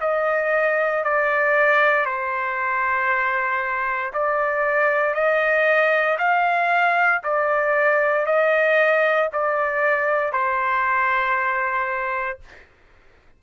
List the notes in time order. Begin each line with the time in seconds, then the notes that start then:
0.00 D#5
1.04 D5
2.05 C5
4.13 D5
5.14 D#5
6.18 F5
7.23 D5
8.26 D#5
9.33 D5
10.32 C5